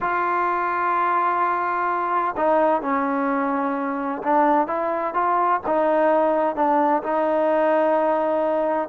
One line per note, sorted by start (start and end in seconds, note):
0.00 2.35 F4
2.36 2.81 D#4
2.81 4.22 C#4
4.23 4.67 D4
4.67 5.13 E4
5.13 5.60 F4
5.66 6.55 D#4
6.55 7.02 D4
7.02 8.88 D#4